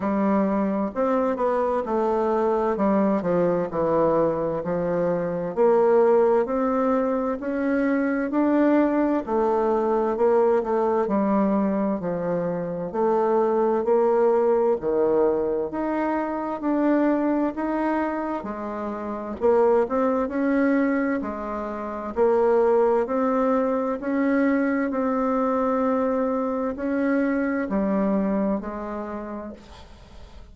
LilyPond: \new Staff \with { instrumentName = "bassoon" } { \time 4/4 \tempo 4 = 65 g4 c'8 b8 a4 g8 f8 | e4 f4 ais4 c'4 | cis'4 d'4 a4 ais8 a8 | g4 f4 a4 ais4 |
dis4 dis'4 d'4 dis'4 | gis4 ais8 c'8 cis'4 gis4 | ais4 c'4 cis'4 c'4~ | c'4 cis'4 g4 gis4 | }